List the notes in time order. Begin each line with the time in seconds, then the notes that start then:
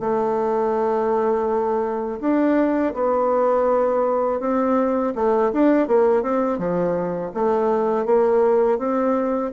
0.00 A3
2.21 D4
2.94 B3
4.40 C4
5.15 A3
5.53 D4
5.88 A#3
6.23 C4
6.58 F3
7.34 A3
8.06 A#3
8.78 C4